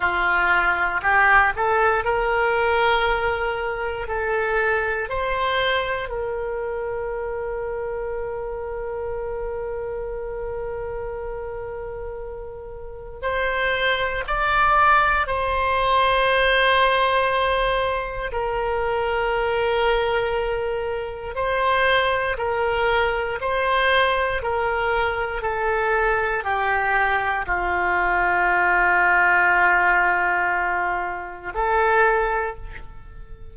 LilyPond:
\new Staff \with { instrumentName = "oboe" } { \time 4/4 \tempo 4 = 59 f'4 g'8 a'8 ais'2 | a'4 c''4 ais'2~ | ais'1~ | ais'4 c''4 d''4 c''4~ |
c''2 ais'2~ | ais'4 c''4 ais'4 c''4 | ais'4 a'4 g'4 f'4~ | f'2. a'4 | }